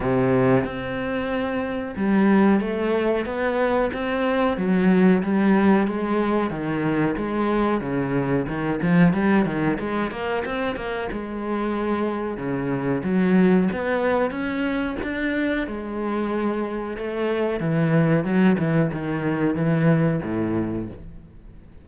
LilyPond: \new Staff \with { instrumentName = "cello" } { \time 4/4 \tempo 4 = 92 c4 c'2 g4 | a4 b4 c'4 fis4 | g4 gis4 dis4 gis4 | cis4 dis8 f8 g8 dis8 gis8 ais8 |
c'8 ais8 gis2 cis4 | fis4 b4 cis'4 d'4 | gis2 a4 e4 | fis8 e8 dis4 e4 a,4 | }